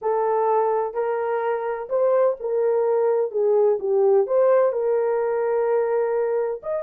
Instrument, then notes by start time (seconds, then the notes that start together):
horn
0.01 A4
0.94 A#4
1.89 C5
2.40 A#4
3.31 G#4
3.79 G4
4.26 C5
4.72 A#4
6.62 D#5